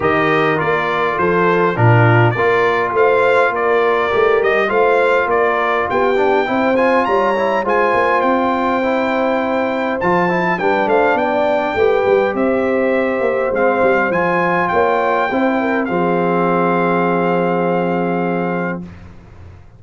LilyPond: <<
  \new Staff \with { instrumentName = "trumpet" } { \time 4/4 \tempo 4 = 102 dis''4 d''4 c''4 ais'4 | d''4 f''4 d''4. dis''8 | f''4 d''4 g''4. gis''8 | ais''4 gis''4 g''2~ |
g''4 a''4 g''8 f''8 g''4~ | g''4 e''2 f''4 | gis''4 g''2 f''4~ | f''1 | }
  \new Staff \with { instrumentName = "horn" } { \time 4/4 ais'2 a'4 f'4 | ais'4 c''4 ais'2 | c''4 ais'4 g'4 c''4 | cis''4 c''2.~ |
c''2 b'8 c''8 d''4 | b'4 c''2.~ | c''4 cis''4 c''8 ais'8 gis'4~ | gis'1 | }
  \new Staff \with { instrumentName = "trombone" } { \time 4/4 g'4 f'2 d'4 | f'2. g'4 | f'2~ f'8 d'8 e'8 f'8~ | f'8 e'8 f'2 e'4~ |
e'4 f'8 e'8 d'2 | g'2. c'4 | f'2 e'4 c'4~ | c'1 | }
  \new Staff \with { instrumentName = "tuba" } { \time 4/4 dis4 ais4 f4 ais,4 | ais4 a4 ais4 a8 g8 | a4 ais4 b4 c'4 | g4 gis8 ais8 c'2~ |
c'4 f4 g8 a8 b4 | a8 g8 c'4. ais8 gis8 g8 | f4 ais4 c'4 f4~ | f1 | }
>>